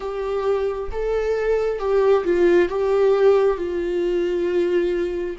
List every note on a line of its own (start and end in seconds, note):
0.00 0.90 G4
0.91 1.79 A4
1.79 2.23 G4
2.24 2.68 F4
2.68 3.57 G4
3.57 5.36 F4